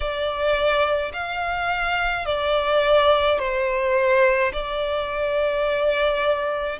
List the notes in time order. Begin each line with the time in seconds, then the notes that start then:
0.00 D5
1.13 F5
2.25 D5
3.39 C5
4.52 D5